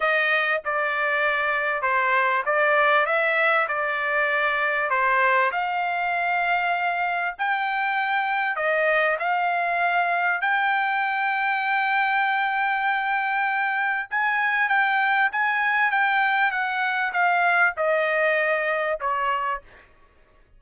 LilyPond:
\new Staff \with { instrumentName = "trumpet" } { \time 4/4 \tempo 4 = 98 dis''4 d''2 c''4 | d''4 e''4 d''2 | c''4 f''2. | g''2 dis''4 f''4~ |
f''4 g''2.~ | g''2. gis''4 | g''4 gis''4 g''4 fis''4 | f''4 dis''2 cis''4 | }